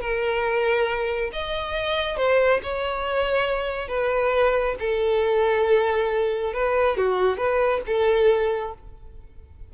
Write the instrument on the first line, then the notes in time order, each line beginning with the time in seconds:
violin
0.00 A#4
1.32 D#5
2.17 C5
2.63 C#5
3.88 B4
4.79 A4
6.53 B4
6.97 F#4
7.37 B4
7.86 A4